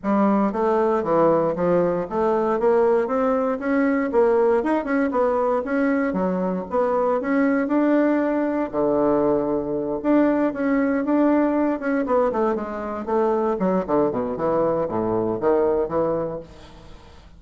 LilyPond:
\new Staff \with { instrumentName = "bassoon" } { \time 4/4 \tempo 4 = 117 g4 a4 e4 f4 | a4 ais4 c'4 cis'4 | ais4 dis'8 cis'8 b4 cis'4 | fis4 b4 cis'4 d'4~ |
d'4 d2~ d8 d'8~ | d'8 cis'4 d'4. cis'8 b8 | a8 gis4 a4 fis8 d8 b,8 | e4 a,4 dis4 e4 | }